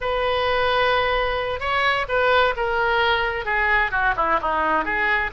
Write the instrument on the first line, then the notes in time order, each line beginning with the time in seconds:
oboe
0.00 B4
1.59 C#5
2.08 B4
2.56 A#4
3.45 G#4
3.91 F#4
4.16 E4
4.41 D#4
4.84 G#4